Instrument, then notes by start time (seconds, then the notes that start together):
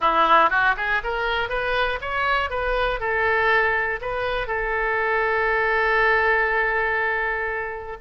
oboe
0.00 E4
0.50 F#4
0.76 G#4
1.03 A#4
1.49 B4
2.01 C#5
2.50 B4
3.00 A4
4.01 B4
4.47 A4